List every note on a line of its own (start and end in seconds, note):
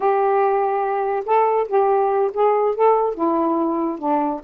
0.00 1.24 G4
1.25 1.67 A4
1.67 2.31 G4
2.33 2.75 G#4
2.75 3.14 A4
3.14 3.98 E4
3.98 4.41 D4